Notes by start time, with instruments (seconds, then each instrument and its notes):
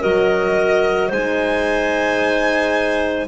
0.00 double bass F#3, horn F#4, clarinet A#4, violin D#5
1.08 double bass G#3, horn D#4, clarinet C5, violin G#5